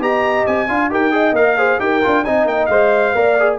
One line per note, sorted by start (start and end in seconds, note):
0.00 0.45 B3
0.00 0.68 G4
0.00 0.69 D#5
0.00 0.47 A#5
0.47 0.69 C4
0.47 0.92 G#5
0.69 0.90 D4
0.69 0.90 F4
0.69 0.91 F5
0.90 1.32 D#4
0.90 1.11 G4
0.90 1.14 A#4
0.90 1.36 G5
1.11 1.34 G#4
1.11 1.58 D#5
1.32 1.77 A#3
1.32 1.58 A#4
1.32 1.81 F5
1.58 1.79 G#4
1.58 1.80 C5
1.79 2.03 D#4
1.79 2.02 G4
1.79 2.24 A#4
1.79 2.25 G5
2.02 2.26 D4
2.02 2.25 F4
2.24 2.45 C4
2.24 2.71 D#4
2.24 3.14 D#5
2.24 2.47 G#5
2.45 2.68 A#3
2.45 2.67 G5
2.67 3.14 G#3
2.67 3.16 C5
2.67 3.56 F5
3.15 3.59 A#3
3.15 3.38 A#4
3.15 3.59 D5
3.40 3.59 G#4